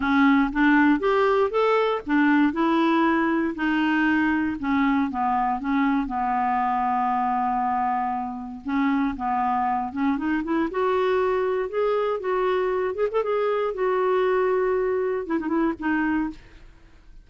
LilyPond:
\new Staff \with { instrumentName = "clarinet" } { \time 4/4 \tempo 4 = 118 cis'4 d'4 g'4 a'4 | d'4 e'2 dis'4~ | dis'4 cis'4 b4 cis'4 | b1~ |
b4 cis'4 b4. cis'8 | dis'8 e'8 fis'2 gis'4 | fis'4. gis'16 a'16 gis'4 fis'4~ | fis'2 e'16 dis'16 e'8 dis'4 | }